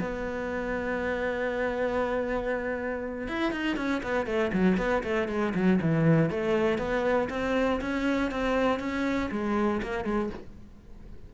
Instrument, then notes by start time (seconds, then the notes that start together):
cello
0.00 B3
3.28 E4
3.52 D#4
3.77 C#4
4.03 B3
4.26 A3
4.53 F#3
4.78 B3
5.04 A3
5.28 G#3
5.55 F#3
5.81 E3
6.30 A3
6.78 B3
7.30 C4
7.81 C#4
8.31 C4
8.79 C#4
9.31 G#3
9.83 A#3
10.05 G#3